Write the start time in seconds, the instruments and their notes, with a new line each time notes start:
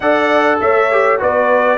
0.00 tuba D4, trombone A4, horn D5, trumpet F#5
0.60 tuba A3, horn C#5, trumpet E5
0.91 trombone G4
1.19 tuba B3, trombone F#4, horn B4, trumpet D5